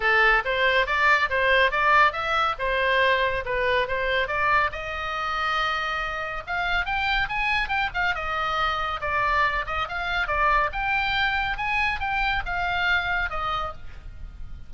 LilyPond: \new Staff \with { instrumentName = "oboe" } { \time 4/4 \tempo 4 = 140 a'4 c''4 d''4 c''4 | d''4 e''4 c''2 | b'4 c''4 d''4 dis''4~ | dis''2. f''4 |
g''4 gis''4 g''8 f''8 dis''4~ | dis''4 d''4. dis''8 f''4 | d''4 g''2 gis''4 | g''4 f''2 dis''4 | }